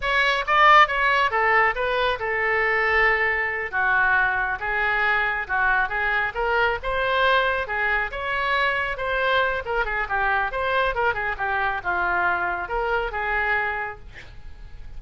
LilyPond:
\new Staff \with { instrumentName = "oboe" } { \time 4/4 \tempo 4 = 137 cis''4 d''4 cis''4 a'4 | b'4 a'2.~ | a'8 fis'2 gis'4.~ | gis'8 fis'4 gis'4 ais'4 c''8~ |
c''4. gis'4 cis''4.~ | cis''8 c''4. ais'8 gis'8 g'4 | c''4 ais'8 gis'8 g'4 f'4~ | f'4 ais'4 gis'2 | }